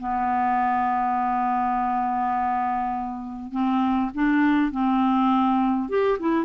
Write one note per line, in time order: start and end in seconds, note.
0.00 3.52 B3
3.52 4.11 C4
4.15 4.72 D4
4.72 5.89 C4
5.89 6.19 G4
6.20 6.45 E4